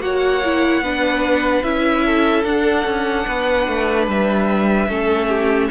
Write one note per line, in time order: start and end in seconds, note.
0.00 0.81 A#3
0.00 0.41 F#4
0.00 0.83 C#5
0.00 1.63 F#5
0.44 0.83 E4
0.81 1.62 B3
0.81 1.63 D4
0.81 2.05 B4
1.63 2.43 C#4
1.63 2.44 E4
1.63 2.44 E5
2.05 3.26 A4
2.43 2.84 D4
2.43 4.89 D4
2.43 4.07 F#5
2.85 3.25 C#4
3.26 3.67 B3
3.26 4.88 B4
3.67 4.07 A3
4.07 4.88 G3
4.07 5.70 E5
4.88 5.69 A3
4.88 5.70 C#4
4.88 5.28 A4
5.28 5.69 G4